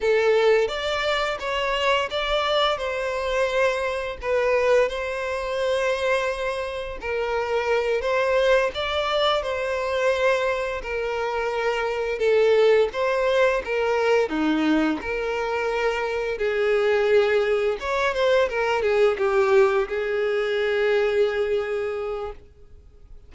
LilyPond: \new Staff \with { instrumentName = "violin" } { \time 4/4 \tempo 4 = 86 a'4 d''4 cis''4 d''4 | c''2 b'4 c''4~ | c''2 ais'4. c''8~ | c''8 d''4 c''2 ais'8~ |
ais'4. a'4 c''4 ais'8~ | ais'8 dis'4 ais'2 gis'8~ | gis'4. cis''8 c''8 ais'8 gis'8 g'8~ | g'8 gis'2.~ gis'8 | }